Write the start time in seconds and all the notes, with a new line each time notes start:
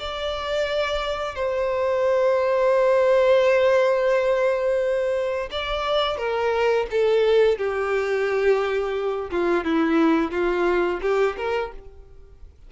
0.00 D5
1.36 C5
5.51 D5
6.18 A#4
6.91 A4
7.59 G4
9.31 F4
9.65 E4
10.32 F4
11.02 G4
11.38 A#4